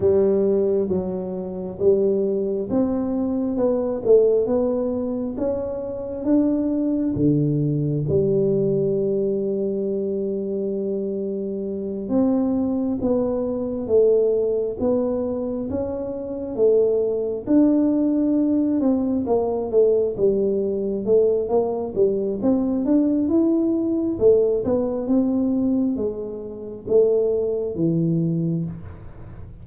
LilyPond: \new Staff \with { instrumentName = "tuba" } { \time 4/4 \tempo 4 = 67 g4 fis4 g4 c'4 | b8 a8 b4 cis'4 d'4 | d4 g2.~ | g4. c'4 b4 a8~ |
a8 b4 cis'4 a4 d'8~ | d'4 c'8 ais8 a8 g4 a8 | ais8 g8 c'8 d'8 e'4 a8 b8 | c'4 gis4 a4 e4 | }